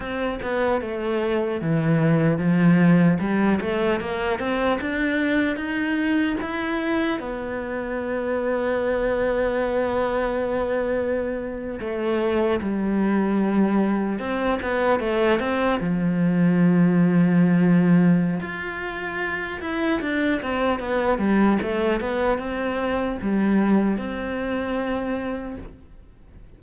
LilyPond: \new Staff \with { instrumentName = "cello" } { \time 4/4 \tempo 4 = 75 c'8 b8 a4 e4 f4 | g8 a8 ais8 c'8 d'4 dis'4 | e'4 b2.~ | b2~ b8. a4 g16~ |
g4.~ g16 c'8 b8 a8 c'8 f16~ | f2. f'4~ | f'8 e'8 d'8 c'8 b8 g8 a8 b8 | c'4 g4 c'2 | }